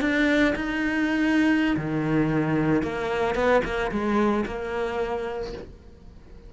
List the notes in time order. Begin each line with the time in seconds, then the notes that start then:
0.00 D4
0.55 D#4
1.76 D#3
2.82 A#3
3.35 B3
3.64 A#3
3.91 G#3
4.46 A#3